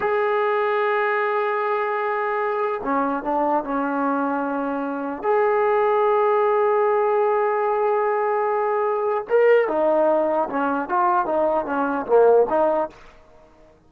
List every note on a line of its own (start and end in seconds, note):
0.00 2.81 G#4
2.83 3.23 C#4
3.23 3.64 D4
3.64 5.22 C#4
5.22 9.25 G#4
9.29 9.68 A#4
9.68 10.48 D#4
10.49 10.89 C#4
10.89 11.25 F4
11.25 11.65 D#4
11.65 12.05 C#4
12.06 12.46 A#3
12.49 12.89 D#4